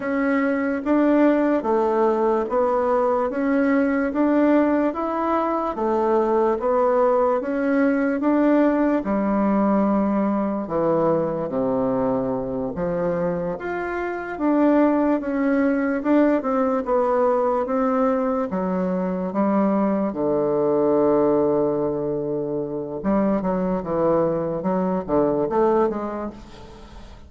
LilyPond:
\new Staff \with { instrumentName = "bassoon" } { \time 4/4 \tempo 4 = 73 cis'4 d'4 a4 b4 | cis'4 d'4 e'4 a4 | b4 cis'4 d'4 g4~ | g4 e4 c4. f8~ |
f8 f'4 d'4 cis'4 d'8 | c'8 b4 c'4 fis4 g8~ | g8 d2.~ d8 | g8 fis8 e4 fis8 d8 a8 gis8 | }